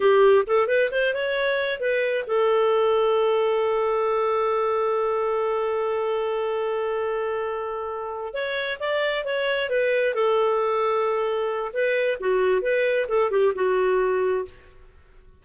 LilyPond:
\new Staff \with { instrumentName = "clarinet" } { \time 4/4 \tempo 4 = 133 g'4 a'8 b'8 c''8 cis''4. | b'4 a'2.~ | a'1~ | a'1~ |
a'2~ a'8 cis''4 d''8~ | d''8 cis''4 b'4 a'4.~ | a'2 b'4 fis'4 | b'4 a'8 g'8 fis'2 | }